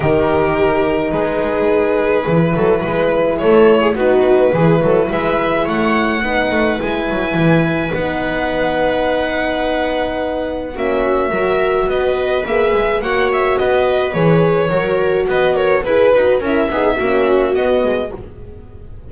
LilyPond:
<<
  \new Staff \with { instrumentName = "violin" } { \time 4/4 \tempo 4 = 106 ais'2 b'2~ | b'2 cis''4 b'4~ | b'4 e''4 fis''2 | gis''2 fis''2~ |
fis''2. e''4~ | e''4 dis''4 e''4 fis''8 e''8 | dis''4 cis''2 dis''8 cis''8 | b'4 e''2 dis''4 | }
  \new Staff \with { instrumentName = "viola" } { \time 4/4 g'2 gis'2~ | gis'8 a'8 b'4 a'8. gis'16 fis'4 | gis'8 a'8 b'4 cis''4 b'4~ | b'1~ |
b'2. fis'4 | ais'4 b'2 cis''4 | b'2 ais'4 b'8 ais'8 | b'4 ais'8 gis'8 fis'2 | }
  \new Staff \with { instrumentName = "horn" } { \time 4/4 dis'1 | e'2. dis'4 | e'2. dis'4 | e'2 dis'2~ |
dis'2. cis'4 | fis'2 gis'4 fis'4~ | fis'4 gis'4 fis'2 | gis'8 fis'8 e'8 dis'8 cis'4 b4 | }
  \new Staff \with { instrumentName = "double bass" } { \time 4/4 dis2 gis2 | e8 fis8 gis4 a4 b4 | e8 fis8 gis4 a4 b8 a8 | gis8 fis8 e4 b2~ |
b2. ais4 | fis4 b4 ais8 gis8 ais4 | b4 e4 fis4 b4 | e'8 dis'8 cis'8 b8 ais4 b8 gis8 | }
>>